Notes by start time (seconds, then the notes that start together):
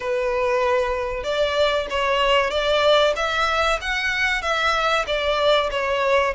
0.00 B4
1.23 D5
1.90 C#5
2.50 D5
3.16 E5
3.81 F#5
4.42 E5
5.06 D5
5.70 C#5